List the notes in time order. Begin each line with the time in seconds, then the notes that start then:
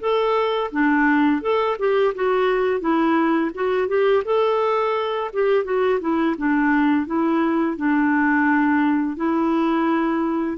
0.00 A4
0.72 D4
1.41 A4
1.78 G4
2.14 F#4
2.80 E4
3.54 F#4
3.88 G4
4.25 A4
5.33 G4
5.64 F#4
6.00 E4
6.38 D4
7.06 E4
7.77 D4
9.16 E4